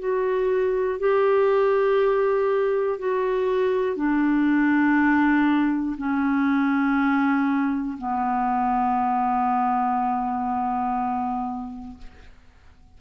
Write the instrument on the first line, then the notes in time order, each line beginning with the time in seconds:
clarinet
0.00 F#4
1.00 G4
2.99 F#4
3.97 D4
5.98 C#4
7.98 B3